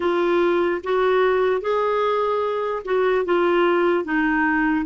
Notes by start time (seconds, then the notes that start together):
0.00 F4
0.83 F#4
1.61 G#4
2.84 F#4
3.25 F4
4.04 D#4